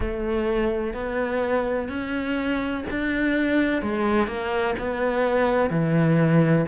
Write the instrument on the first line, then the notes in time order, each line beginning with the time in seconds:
cello
0.00 A3
0.93 B3
1.88 C#4
2.90 D4
3.82 G#3
4.27 A#3
4.78 B3
5.69 E3